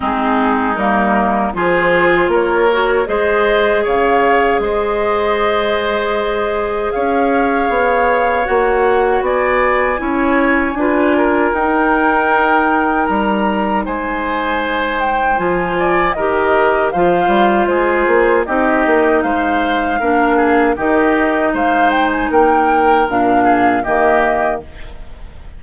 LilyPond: <<
  \new Staff \with { instrumentName = "flute" } { \time 4/4 \tempo 4 = 78 gis'4 ais'4 c''4 cis''4 | dis''4 f''4 dis''2~ | dis''4 f''2 fis''4 | gis''2. g''4~ |
g''4 ais''4 gis''4. g''8 | gis''4 dis''4 f''4 c''4 | dis''4 f''2 dis''4 | f''8 g''16 gis''16 g''4 f''4 dis''4 | }
  \new Staff \with { instrumentName = "oboe" } { \time 4/4 dis'2 gis'4 ais'4 | c''4 cis''4 c''2~ | c''4 cis''2. | d''4 cis''4 b'8 ais'4.~ |
ais'2 c''2~ | c''8 d''8 ais'4 c''4 gis'4 | g'4 c''4 ais'8 gis'8 g'4 | c''4 ais'4. gis'8 g'4 | }
  \new Staff \with { instrumentName = "clarinet" } { \time 4/4 c'4 ais4 f'4. fis'8 | gis'1~ | gis'2. fis'4~ | fis'4 e'4 f'4 dis'4~ |
dis'1 | f'4 g'4 f'2 | dis'2 d'4 dis'4~ | dis'2 d'4 ais4 | }
  \new Staff \with { instrumentName = "bassoon" } { \time 4/4 gis4 g4 f4 ais4 | gis4 cis4 gis2~ | gis4 cis'4 b4 ais4 | b4 cis'4 d'4 dis'4~ |
dis'4 g4 gis2 | f4 dis4 f8 g8 gis8 ais8 | c'8 ais8 gis4 ais4 dis4 | gis4 ais4 ais,4 dis4 | }
>>